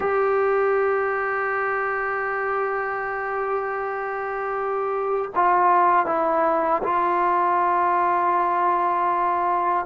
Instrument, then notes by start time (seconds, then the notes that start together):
trombone
0.00 G4
5.35 F4
6.06 E4
6.83 F4